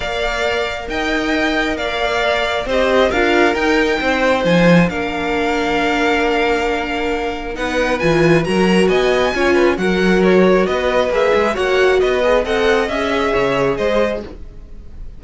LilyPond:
<<
  \new Staff \with { instrumentName = "violin" } { \time 4/4 \tempo 4 = 135 f''2 g''2 | f''2 dis''4 f''4 | g''2 gis''4 f''4~ | f''1~ |
f''4 fis''4 gis''4 ais''4 | gis''2 fis''4 cis''4 | dis''4 e''4 fis''4 dis''4 | fis''4 e''2 dis''4 | }
  \new Staff \with { instrumentName = "violin" } { \time 4/4 d''2 dis''2 | d''2 c''4 ais'4~ | ais'4 c''2 ais'4~ | ais'1~ |
ais'4 b'2 ais'4 | dis''4 cis''8 b'8 ais'2 | b'2 cis''4 b'4 | dis''2 cis''4 c''4 | }
  \new Staff \with { instrumentName = "viola" } { \time 4/4 ais'1~ | ais'2 g'4 f'4 | dis'2. d'4~ | d'1~ |
d'4 dis'4 f'4 fis'4~ | fis'4 f'4 fis'2~ | fis'4 gis'4 fis'4. gis'8 | a'4 gis'2. | }
  \new Staff \with { instrumentName = "cello" } { \time 4/4 ais2 dis'2 | ais2 c'4 d'4 | dis'4 c'4 f4 ais4~ | ais1~ |
ais4 b4 e4 fis4 | b4 cis'4 fis2 | b4 ais8 gis8 ais4 b4 | c'4 cis'4 cis4 gis4 | }
>>